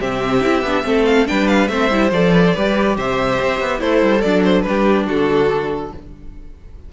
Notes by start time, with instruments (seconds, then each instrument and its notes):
0.00 cello C3, viola C4, violin G4 E5
0.41 cello C4, viola E4
0.63 cello B3, viola D4
0.84 cello A3, viola C4, violin A4
1.06 violin F5
1.26 cello G3, viola D4, violin B4 G5
1.48 violin F5
1.68 cello A3, viola C4, violin C5 E5
1.91 cello G3, viola E4
2.12 cello F3, viola A4, violin D5
2.33 violin B4
2.47 violin C5
2.55 cello G3, viola G4, violin B4
2.98 cello C3, violin C5 E5
3.41 cello C4
3.60 cello B3
3.79 cello A3, violin E4 C5, viola A4
4.03 cello G3
4.22 cello F#3, violin D4 D5
4.45 violin C5
4.62 cello G3, viola D4, violin B4
4.69 violin G4
5.07 cello D3, violin F#4 A4